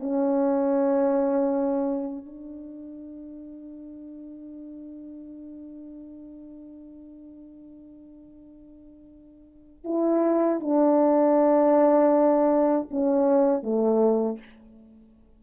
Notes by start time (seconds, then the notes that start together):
0.00 C#4
2.26 D4
9.85 E4
10.61 D4
12.91 C#4
13.63 A3